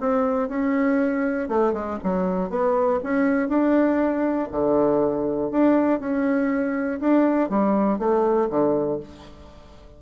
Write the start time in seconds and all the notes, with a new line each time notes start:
0.00 C4
0.48 C#4
1.48 A3
1.73 G#3
2.03 F#3
2.50 B3
3.03 C#4
3.48 D4
4.51 D3
5.51 D4
6.00 C#4
7.00 D4
7.49 G3
7.98 A3
8.49 D3